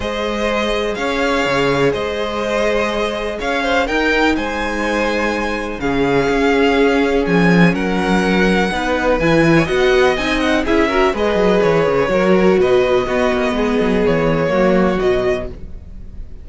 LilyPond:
<<
  \new Staff \with { instrumentName = "violin" } { \time 4/4 \tempo 4 = 124 dis''2 f''2 | dis''2. f''4 | g''4 gis''2. | f''2. gis''4 |
fis''2. gis''4 | fis''4 gis''8 fis''8 e''4 dis''4 | cis''2 dis''2~ | dis''4 cis''2 dis''4 | }
  \new Staff \with { instrumentName = "violin" } { \time 4/4 c''2 cis''2 | c''2. cis''8 c''8 | ais'4 c''2. | gis'1 |
ais'2 b'4.~ b'16 cis''16 | dis''2 gis'8 ais'8 b'4~ | b'4 ais'4 b'4 fis'4 | gis'2 fis'2 | }
  \new Staff \with { instrumentName = "viola" } { \time 4/4 gis'1~ | gis'1 | dis'1 | cis'1~ |
cis'2 dis'4 e'4 | fis'4 dis'4 e'8 fis'8 gis'4~ | gis'4 fis'2 b4~ | b2 ais4 fis4 | }
  \new Staff \with { instrumentName = "cello" } { \time 4/4 gis2 cis'4 cis4 | gis2. cis'4 | dis'4 gis2. | cis4 cis'2 f4 |
fis2 b4 e4 | b4 c'4 cis'4 gis8 fis8 | e8 cis8 fis4 b,4 b8 ais8 | gis8 fis8 e4 fis4 b,4 | }
>>